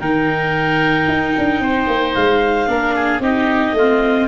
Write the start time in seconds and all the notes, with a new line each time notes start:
0.00 D#3 D#4 A#4 G5
1.08 D#4
1.38 D4
1.60 C4 C5
1.88 A#3
2.14 G#3 F5
2.68 A#3 D4 A#4
2.95 G#4
3.20 C4 D#4 G4 D#5
3.73 A3 F4
3.80 C4